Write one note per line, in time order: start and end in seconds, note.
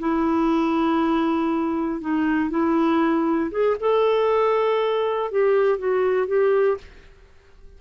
0.00 2.01 E4
2.01 2.50 D#4
2.50 3.51 E4
3.51 3.77 G#4
3.80 5.31 A4
5.31 5.79 G4
5.79 6.28 F#4
6.28 6.78 G4